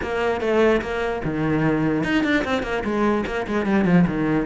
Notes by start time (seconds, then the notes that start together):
0.02 A#3
0.40 A3
0.81 A#3
1.24 D#3
2.03 D#4
2.23 D4
2.44 C4
2.63 A#3
2.84 G#3
3.26 A#3
3.47 G#3
3.66 G3
3.84 F3
4.07 D#3